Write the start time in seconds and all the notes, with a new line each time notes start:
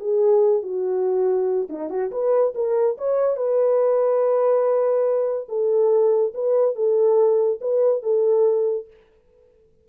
0.00 G#4
0.63 F#4
1.70 D#4
1.90 F#4
2.12 B4
2.55 A#4
2.98 C#5
3.37 B4
5.49 A4
6.34 B4
6.76 A4
7.61 B4
8.03 A4